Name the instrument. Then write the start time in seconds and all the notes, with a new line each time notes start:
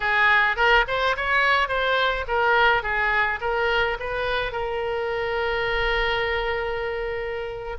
oboe
0.00 G#4
0.56 A#4
0.87 C5
1.16 C#5
1.68 C5
2.27 A#4
2.83 G#4
3.41 A#4
3.99 B4
4.52 A#4